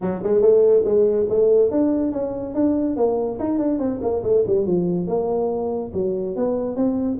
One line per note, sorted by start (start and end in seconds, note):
0.01 0.22 F#3
0.23 0.41 G#3
0.41 0.83 A3
0.84 1.27 G#3
1.29 1.71 A3
1.71 2.12 D4
2.12 2.54 C#4
2.54 2.96 D4
2.96 3.38 A#3
3.39 3.58 D#4
3.58 3.78 D4
3.78 3.99 C4
4.01 4.23 A#3
4.23 4.44 A3
4.47 4.66 G3
4.66 5.07 F3
5.07 5.92 A#3
5.93 6.36 F#3
6.36 6.75 B3
6.75 7.18 C4